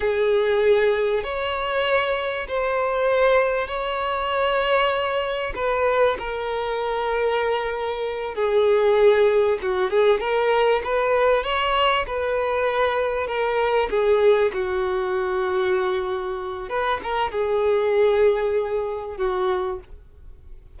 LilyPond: \new Staff \with { instrumentName = "violin" } { \time 4/4 \tempo 4 = 97 gis'2 cis''2 | c''2 cis''2~ | cis''4 b'4 ais'2~ | ais'4. gis'2 fis'8 |
gis'8 ais'4 b'4 cis''4 b'8~ | b'4. ais'4 gis'4 fis'8~ | fis'2. b'8 ais'8 | gis'2. fis'4 | }